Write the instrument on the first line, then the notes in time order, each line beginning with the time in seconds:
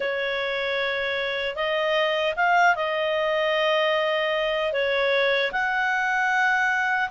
clarinet
0.00 C#5
1.55 D#5
2.36 F5
2.75 D#5
4.72 C#5
5.52 F#5